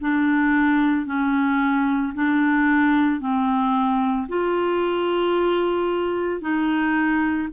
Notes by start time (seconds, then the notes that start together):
0.00 D4
1.06 C#4
2.14 D4
3.20 C4
4.28 F4
6.41 D#4